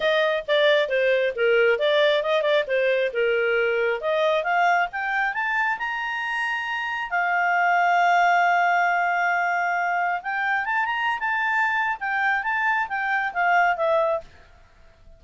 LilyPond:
\new Staff \with { instrumentName = "clarinet" } { \time 4/4 \tempo 4 = 135 dis''4 d''4 c''4 ais'4 | d''4 dis''8 d''8 c''4 ais'4~ | ais'4 dis''4 f''4 g''4 | a''4 ais''2. |
f''1~ | f''2. g''4 | a''8 ais''8. a''4.~ a''16 g''4 | a''4 g''4 f''4 e''4 | }